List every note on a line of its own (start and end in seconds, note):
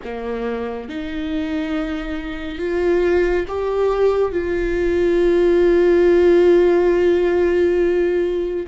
0.04 0.88 A#3
0.88 2.58 D#4
2.58 3.45 F4
3.48 4.32 G4
4.32 8.66 F4